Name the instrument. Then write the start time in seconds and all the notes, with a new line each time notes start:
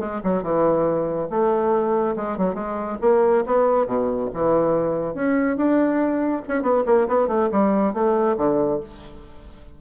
bassoon
0.00 G#3
0.24 F#3
0.43 E3
1.30 A3
2.16 G#3
2.38 F#3
2.55 G#3
3.02 A#3
3.47 B3
3.87 B2
4.34 E3
5.15 C#4
5.57 D4
6.48 C#4
6.63 B3
6.86 A#3
7.08 B3
7.28 A3
7.52 G3
7.94 A3
8.37 D3